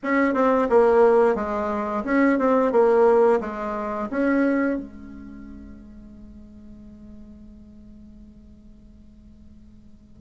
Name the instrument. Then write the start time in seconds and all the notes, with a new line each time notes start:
bassoon
0.03 C#4
0.33 C4
0.69 A#3
1.35 G#3
2.04 C#4
2.38 C4
2.71 A#3
3.40 G#3
4.10 C#4
4.77 G#3